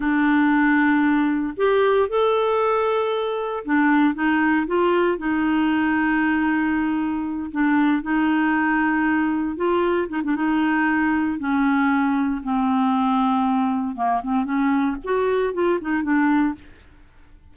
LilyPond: \new Staff \with { instrumentName = "clarinet" } { \time 4/4 \tempo 4 = 116 d'2. g'4 | a'2. d'4 | dis'4 f'4 dis'2~ | dis'2~ dis'8 d'4 dis'8~ |
dis'2~ dis'8 f'4 dis'16 d'16 | dis'2 cis'2 | c'2. ais8 c'8 | cis'4 fis'4 f'8 dis'8 d'4 | }